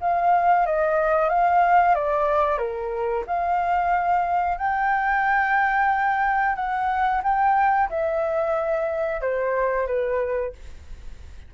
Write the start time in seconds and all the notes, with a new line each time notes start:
0.00 F5
0.66 D#5
1.29 F5
1.95 D5
2.58 A#4
3.26 F5
4.57 G5
6.55 F#5
7.23 G5
7.89 E5
9.21 C5
9.87 B4